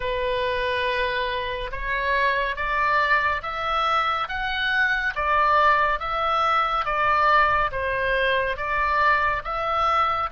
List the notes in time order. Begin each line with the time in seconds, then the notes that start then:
0.00 B4
1.71 C#5
2.56 D5
3.42 E5
4.28 F#5
5.15 D5
5.99 E5
6.85 D5
7.71 C5
8.56 D5
9.44 E5